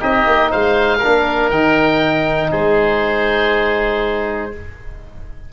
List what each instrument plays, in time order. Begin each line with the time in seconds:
0.00 tuba C4, trombone D#4, oboe G4 D#5
0.26 tuba A#3
0.51 tuba G#3, oboe C5 F5
0.98 trombone D4, oboe A#4
1.06 tuba A#3
1.50 tuba D#3, trombone D#4, oboe G5
2.51 tuba G#3, oboe G#4 C5